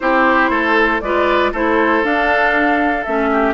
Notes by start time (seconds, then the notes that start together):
0.00 C4 E4 G4 C5
0.49 A3 A4
1.00 G#3 F4 B4 D5
1.52 A3 E4 A4 C5
2.03 D4 F5
3.04 A3 C#4 E5
3.31 G4